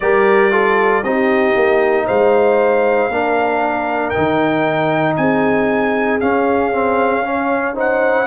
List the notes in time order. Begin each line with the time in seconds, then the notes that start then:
0.00 G3 G4 A#4 D5
0.51 F4 A4
1.03 C4 D#4 G4 D#5
1.55 A#3
2.06 G#3 C5 F5
3.09 A#3 D4 A#4
4.09 D#4 G5
4.17 D#3
5.16 C4 G#4 G#5
6.20 C#4 F5
6.72 C4
7.23 C#4 C#5
7.75 D#4 C5 F#5